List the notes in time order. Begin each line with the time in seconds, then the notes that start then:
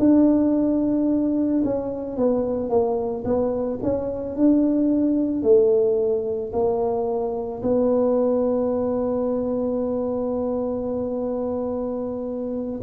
0.00 D4
1.65 C#4
2.17 B3
2.70 A#3
3.25 B3
3.83 C#4
4.36 D4
5.43 A3
6.53 A#3
7.63 B3